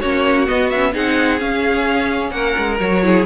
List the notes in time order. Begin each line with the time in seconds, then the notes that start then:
0.00 A#3 C#4 F#4 C#5
0.47 B3 D#5
0.70 C#4 E5
0.93 C4 D#4 G#4 F#5
1.38 C#4 F5
2.30 A#3 A#4 F#5
2.58 G#3
2.79 F#3 F#4 C#5
3.03 E4 G#4